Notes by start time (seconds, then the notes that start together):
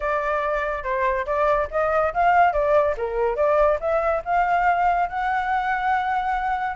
0.00 D5
0.83 C5
1.25 D5
1.71 D#5
2.13 F5
2.52 D5
2.97 A#4
3.36 D5
3.80 E5
4.24 F5
5.09 F#5